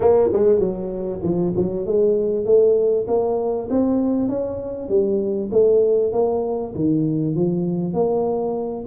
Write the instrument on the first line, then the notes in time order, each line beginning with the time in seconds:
tuba
0.00 A#3
0.32 G#3
0.59 F#3
1.22 F3
1.56 F#3
1.86 G#3
2.45 A3
3.07 A#3
3.70 C4
4.28 C#4
4.88 G3
5.51 A3
6.12 A#3
6.75 D#3
7.35 F3
7.93 A#3